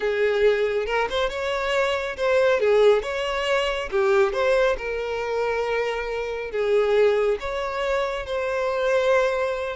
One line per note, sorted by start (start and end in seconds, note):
0.00 0.86 G#4
0.86 1.08 A#4
1.09 1.29 C5
1.29 2.16 C#5
2.16 2.59 C5
2.59 3.02 G#4
3.02 3.89 C#5
3.91 4.33 G4
4.33 4.76 C5
4.77 6.51 A#4
6.51 7.38 G#4
7.40 8.25 C#5
8.25 9.76 C5